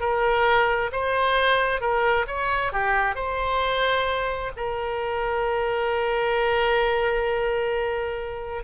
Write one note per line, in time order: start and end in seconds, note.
0.00 0.91 A#4
0.92 1.81 C5
1.81 2.26 A#4
2.27 2.72 C#5
2.72 3.15 G4
3.15 4.52 C5
4.57 8.64 A#4